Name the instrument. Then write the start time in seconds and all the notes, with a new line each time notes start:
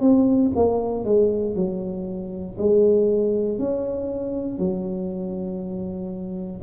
tuba
0.00 C4
0.55 A#3
1.04 G#3
1.55 F#3
2.58 G#3
3.58 C#4
4.58 F#3